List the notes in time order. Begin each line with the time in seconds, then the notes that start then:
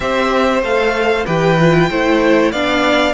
0.00 C4 G4 C5 E5
0.62 A3 A4 F5
1.26 E3 G4 B4 G5
1.59 F4
1.90 A3 E4 C5
2.51 B3 D4 D5 F5